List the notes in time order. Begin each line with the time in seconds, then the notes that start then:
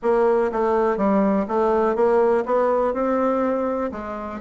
0.02 A#3
0.52 A3
0.97 G3
1.48 A3
1.95 A#3
2.45 B3
2.93 C4
3.91 G#3